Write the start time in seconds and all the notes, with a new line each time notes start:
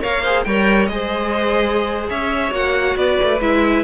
0.00 A#3 A#4 C#5 F5
0.22 G#4 C5
0.43 G3 A#4 C#5 G5
0.86 G#3 G#4 D#5
0.92 C5
2.09 C#4 C#5 E5
2.50 A#3 F#4 F#5
2.95 B3 B4 D5
3.23 A3
3.40 G#3 E4 E5